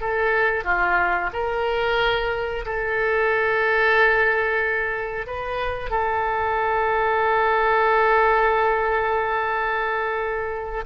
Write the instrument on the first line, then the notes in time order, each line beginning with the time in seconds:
oboe
0.00 A4
0.64 F4
1.33 A#4
2.65 A4
5.26 B4
5.90 A4